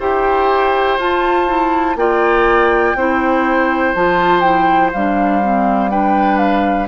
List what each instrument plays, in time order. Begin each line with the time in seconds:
0.00 bassoon E4, clarinet G4, oboe C5, flute G5
0.98 bassoon F4, clarinet F4, flute A5
1.48 clarinet E4
1.96 bassoon A#3, clarinet F4, oboe D5, flute G5
2.95 bassoon C4, clarinet E4, oboe C5
3.95 bassoon F3, clarinet F4, flute A5
4.41 clarinet E4, flute G5
4.93 bassoon G3, clarinet D4, flute F5
5.42 clarinet C4
5.91 clarinet D4, oboe B4, flute G5
6.38 flute F5